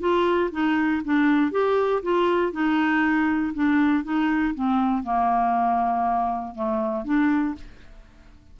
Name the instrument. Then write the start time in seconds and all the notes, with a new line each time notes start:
clarinet
0.00 F4
0.52 D#4
1.05 D4
1.52 G4
2.03 F4
2.53 D#4
3.54 D4
4.04 D#4
4.55 C4
5.04 A#3
6.55 A3
7.05 D4